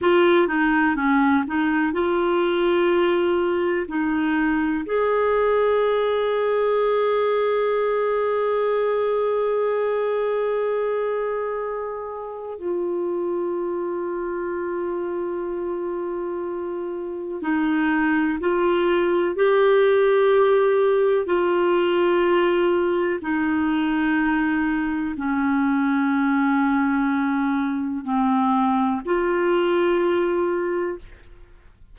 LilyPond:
\new Staff \with { instrumentName = "clarinet" } { \time 4/4 \tempo 4 = 62 f'8 dis'8 cis'8 dis'8 f'2 | dis'4 gis'2.~ | gis'1~ | gis'4 f'2.~ |
f'2 dis'4 f'4 | g'2 f'2 | dis'2 cis'2~ | cis'4 c'4 f'2 | }